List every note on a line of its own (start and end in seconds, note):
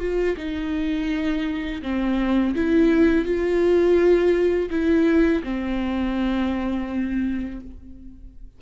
0.00 0.36 F4
0.37 1.82 D#4
1.83 2.55 C4
2.55 3.25 E4
3.25 4.70 F4
4.71 5.43 E4
5.44 7.61 C4